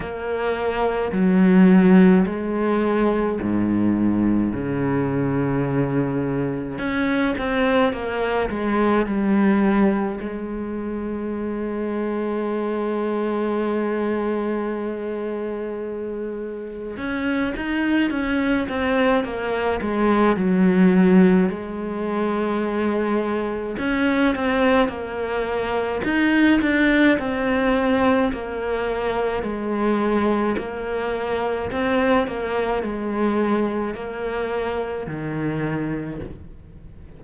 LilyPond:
\new Staff \with { instrumentName = "cello" } { \time 4/4 \tempo 4 = 53 ais4 fis4 gis4 gis,4 | cis2 cis'8 c'8 ais8 gis8 | g4 gis2.~ | gis2. cis'8 dis'8 |
cis'8 c'8 ais8 gis8 fis4 gis4~ | gis4 cis'8 c'8 ais4 dis'8 d'8 | c'4 ais4 gis4 ais4 | c'8 ais8 gis4 ais4 dis4 | }